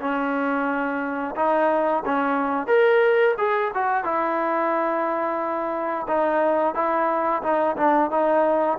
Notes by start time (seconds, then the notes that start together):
0.00 C#4
1.36 D#4
2.05 C#4
2.67 A#4
3.37 G#4
3.74 F#4
4.04 E4
6.07 D#4
6.74 E4
7.42 D#4
7.77 D4
8.11 D#4